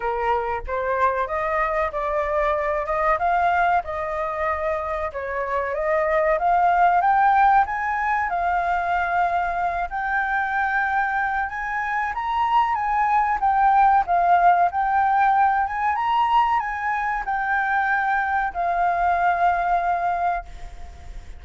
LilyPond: \new Staff \with { instrumentName = "flute" } { \time 4/4 \tempo 4 = 94 ais'4 c''4 dis''4 d''4~ | d''8 dis''8 f''4 dis''2 | cis''4 dis''4 f''4 g''4 | gis''4 f''2~ f''8 g''8~ |
g''2 gis''4 ais''4 | gis''4 g''4 f''4 g''4~ | g''8 gis''8 ais''4 gis''4 g''4~ | g''4 f''2. | }